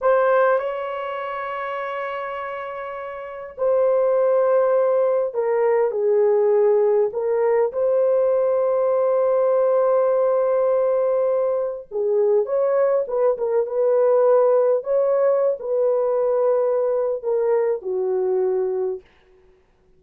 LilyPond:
\new Staff \with { instrumentName = "horn" } { \time 4/4 \tempo 4 = 101 c''4 cis''2.~ | cis''2 c''2~ | c''4 ais'4 gis'2 | ais'4 c''2.~ |
c''1 | gis'4 cis''4 b'8 ais'8 b'4~ | b'4 cis''4~ cis''16 b'4.~ b'16~ | b'4 ais'4 fis'2 | }